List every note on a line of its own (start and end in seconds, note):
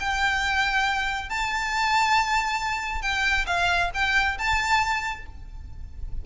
0.00 1.30 G5
1.30 3.02 A5
3.02 3.46 G5
3.47 3.91 F5
3.94 4.38 G5
4.39 5.26 A5